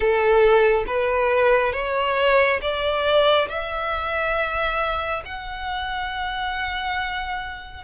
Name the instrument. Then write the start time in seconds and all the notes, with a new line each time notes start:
violin
0.00 A4
0.86 B4
1.72 C#5
2.61 D5
3.49 E5
5.25 F#5